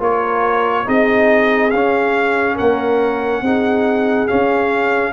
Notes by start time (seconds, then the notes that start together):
0.00 A#3 F4 A#4 C#5
0.86 C4 D#4 G#4 D#5
1.71 C#4 F5
2.56 A#3 A#4 F#5
3.42 C4 D#4 G#4
4.28 C#4 F5